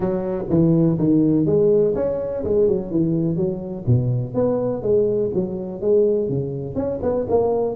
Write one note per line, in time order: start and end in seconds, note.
0.00 0.44 F#3
0.49 0.98 E3
0.98 1.46 D#3
1.46 1.94 G#3
1.95 2.43 C#4
2.43 2.68 G#3
2.68 2.90 F#3
2.90 3.36 E3
3.36 3.84 F#3
3.87 4.34 B2
4.34 4.82 B3
4.82 5.30 G#3
5.34 5.81 F#3
5.81 6.28 G#3
6.28 6.75 C#3
6.75 6.99 C#4
7.02 7.26 B3
7.29 7.75 A#3